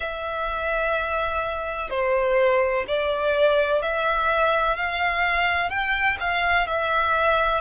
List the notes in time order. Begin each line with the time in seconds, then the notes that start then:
0.00 E5
1.90 C5
2.87 D5
3.82 E5
4.76 F5
5.69 G5
6.19 F5
6.67 E5